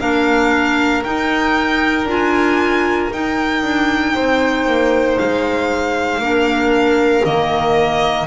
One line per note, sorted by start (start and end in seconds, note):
0.00 1.04 A#3
0.00 1.04 D4
0.00 4.14 A#4
0.00 1.03 F5
1.04 2.08 D#4
1.04 2.05 D#4
1.04 2.08 G5
2.05 3.09 D4
2.05 3.12 F4
2.05 3.13 G#5
3.12 6.22 D#4
3.12 3.63 D#4
3.12 5.18 G5
3.63 4.15 D4
4.15 4.66 C4
4.15 6.21 C5
4.66 5.18 A#3
5.18 6.19 G#3
5.18 7.25 F5
6.19 7.22 A#3
6.19 7.24 D4
6.19 8.27 A#4
7.24 8.27 D#3
7.24 8.27 A#3
7.24 8.27 D#5